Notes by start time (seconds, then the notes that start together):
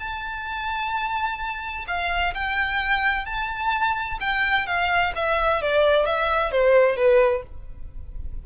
0.00 A5
1.88 F5
2.35 G5
3.26 A5
4.21 G5
4.67 F5
5.16 E5
5.62 D5
6.06 E5
6.52 C5
6.97 B4